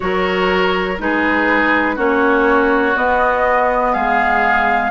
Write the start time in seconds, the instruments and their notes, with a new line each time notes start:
0.00 bassoon F#3, clarinet F#4, oboe A#4, flute C#5
0.98 bassoon G#3, clarinet D#4, oboe G#4, flute B4
1.95 bassoon A#3, clarinet C#4, oboe F#4, flute C#5
2.95 clarinet B3, bassoon B3, flute D#5
3.93 bassoon G#3, oboe G#4, flute F5